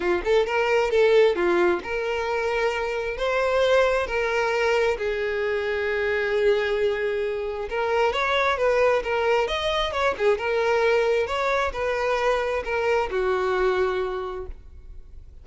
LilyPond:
\new Staff \with { instrumentName = "violin" } { \time 4/4 \tempo 4 = 133 f'8 a'8 ais'4 a'4 f'4 | ais'2. c''4~ | c''4 ais'2 gis'4~ | gis'1~ |
gis'4 ais'4 cis''4 b'4 | ais'4 dis''4 cis''8 gis'8 ais'4~ | ais'4 cis''4 b'2 | ais'4 fis'2. | }